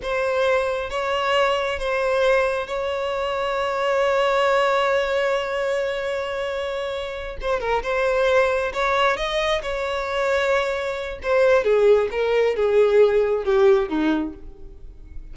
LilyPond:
\new Staff \with { instrumentName = "violin" } { \time 4/4 \tempo 4 = 134 c''2 cis''2 | c''2 cis''2~ | cis''1~ | cis''1~ |
cis''8 c''8 ais'8 c''2 cis''8~ | cis''8 dis''4 cis''2~ cis''8~ | cis''4 c''4 gis'4 ais'4 | gis'2 g'4 dis'4 | }